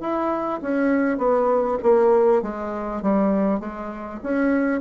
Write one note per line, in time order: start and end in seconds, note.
0.00 0.60 E4
0.62 1.18 C#4
1.18 1.78 B3
1.83 2.42 A#3
2.42 3.02 G#3
3.02 3.60 G3
3.60 4.20 G#3
4.23 4.81 C#4